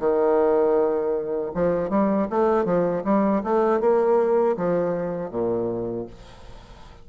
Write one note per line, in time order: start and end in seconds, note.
0.00 1.52 D#3
1.55 1.90 F3
1.90 2.28 G3
2.31 2.65 A3
2.65 3.03 F3
3.05 3.43 G3
3.44 3.81 A3
3.81 4.57 A#3
4.57 5.31 F3
5.31 6.07 A#2